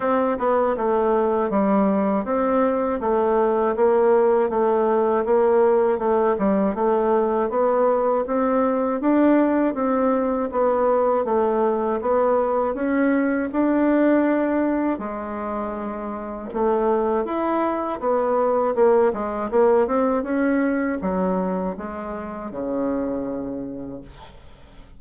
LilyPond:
\new Staff \with { instrumentName = "bassoon" } { \time 4/4 \tempo 4 = 80 c'8 b8 a4 g4 c'4 | a4 ais4 a4 ais4 | a8 g8 a4 b4 c'4 | d'4 c'4 b4 a4 |
b4 cis'4 d'2 | gis2 a4 e'4 | b4 ais8 gis8 ais8 c'8 cis'4 | fis4 gis4 cis2 | }